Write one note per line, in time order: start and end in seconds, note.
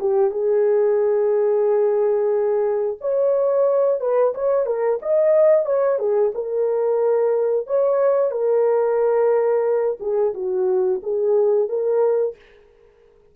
0.00 0.31 G4
0.31 2.97 G#4
3.01 4.00 C#5
4.00 4.34 B4
4.34 4.66 C#5
4.66 4.99 A#4
5.02 5.65 D#5
5.65 5.98 C#5
5.98 6.32 G#4
6.34 7.67 A#4
7.67 8.31 C#5
8.31 9.98 A#4
10.00 10.33 G#4
10.34 11.01 F#4
11.03 11.69 G#4
11.69 12.35 A#4